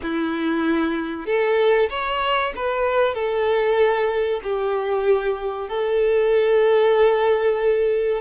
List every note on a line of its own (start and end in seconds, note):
0.02 1.25 E4
1.25 1.89 A4
1.89 2.52 C#5
2.56 3.14 B4
3.14 4.40 A4
4.43 5.68 G4
5.68 8.21 A4